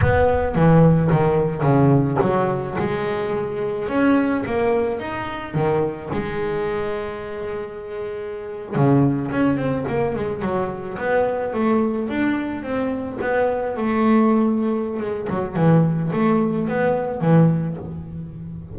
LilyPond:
\new Staff \with { instrumentName = "double bass" } { \time 4/4 \tempo 4 = 108 b4 e4 dis4 cis4 | fis4 gis2 cis'4 | ais4 dis'4 dis4 gis4~ | gis2.~ gis8. cis16~ |
cis8. cis'8 c'8 ais8 gis8 fis4 b16~ | b8. a4 d'4 c'4 b16~ | b8. a2~ a16 gis8 fis8 | e4 a4 b4 e4 | }